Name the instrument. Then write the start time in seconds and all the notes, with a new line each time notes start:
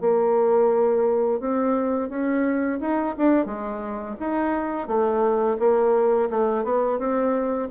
bassoon
0.00 A#3
1.40 C4
2.09 C#4
2.80 D#4
3.17 D4
3.45 G#3
4.19 D#4
4.87 A3
5.59 A#3
6.29 A3
6.64 B3
6.98 C4